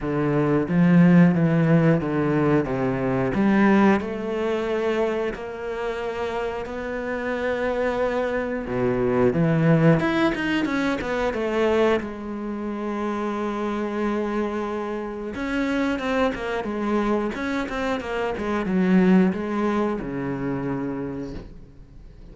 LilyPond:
\new Staff \with { instrumentName = "cello" } { \time 4/4 \tempo 4 = 90 d4 f4 e4 d4 | c4 g4 a2 | ais2 b2~ | b4 b,4 e4 e'8 dis'8 |
cis'8 b8 a4 gis2~ | gis2. cis'4 | c'8 ais8 gis4 cis'8 c'8 ais8 gis8 | fis4 gis4 cis2 | }